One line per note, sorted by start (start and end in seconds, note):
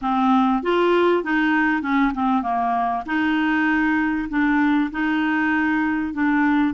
0.01 0.62 C4
0.62 1.23 F4
1.23 1.81 D#4
1.81 2.12 C#4
2.13 2.42 C4
2.42 3.03 A#3
3.06 4.28 D#4
4.29 4.90 D4
4.91 6.13 D#4
6.13 6.73 D4